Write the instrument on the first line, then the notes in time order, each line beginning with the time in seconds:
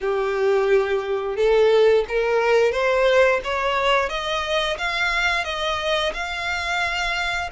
violin
0.00 G4
1.36 A4
2.08 A#4
2.72 C5
3.43 C#5
4.09 D#5
4.77 F5
5.44 D#5
6.13 F5